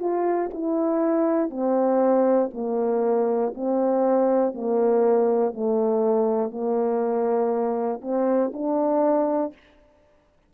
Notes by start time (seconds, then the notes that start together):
0.00 F4
0.54 E4
1.50 C4
2.54 A#3
3.55 C4
4.55 A#3
5.54 A3
6.51 A#3
8.02 C4
8.53 D4